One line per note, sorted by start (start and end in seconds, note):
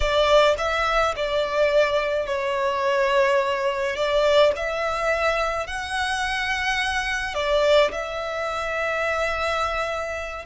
0.00 0.54 D5
0.58 1.14 E5
1.16 2.26 D5
2.26 3.95 C#5
3.95 4.52 D5
4.56 5.67 E5
5.67 7.34 F#5
7.34 7.91 D5
7.91 10.45 E5